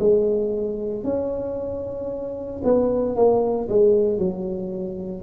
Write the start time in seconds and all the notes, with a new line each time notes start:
0.00 G#3
1.04 C#4
2.65 B3
3.16 A#3
3.69 G#3
4.19 F#3